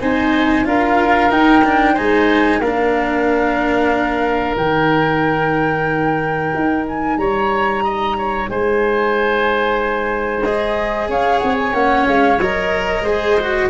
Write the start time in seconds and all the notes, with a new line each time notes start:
0.00 C4 D#4 C5 G#5
0.64 D4 F4 A#4 F5
1.29 D#4 G5
1.64 D4
1.94 G#3 D#4 C5 G#5
2.60 A#3 D4 A#4 F5
4.55 D#3 D#4 G5
6.55 D#4
6.88 G#5
7.17 G3 C#5 A#5
7.84 D#5
8.18 C#5
8.49 G#3 C5 G#5
10.43 G#4 D#5
11.08 C#4 C#5 F5
11.38 C4 F#5
11.59 G#5
11.73 A#3 C#4 F#5
12.06 G#3 F5
12.38 F#3 A#4 D#5
13.01 G#3 G#4 C5
13.40 F#4